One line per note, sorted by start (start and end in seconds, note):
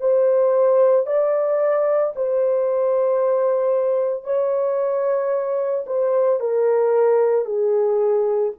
0.00 1.06 C5
1.06 2.13 D5
2.15 4.24 C5
4.24 5.84 C#5
5.86 6.39 C5
6.39 7.45 A#4
7.45 8.52 G#4